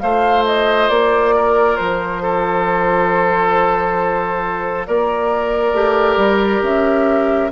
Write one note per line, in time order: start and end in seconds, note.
0.00 0.89 A3
0.00 5.74 F4
0.00 1.35 C5
0.00 0.44 F5
0.45 0.89 D#5
0.89 1.78 A#3
0.89 1.76 D5
1.36 2.22 A#4
1.76 4.88 F3
1.76 4.85 C5
2.22 4.87 A4
4.86 5.73 A#3
4.86 7.52 A#4
4.86 6.63 D5
5.73 6.17 A3
5.73 7.50 G4
6.17 6.61 G3
6.62 7.51 C#4
6.62 7.51 E5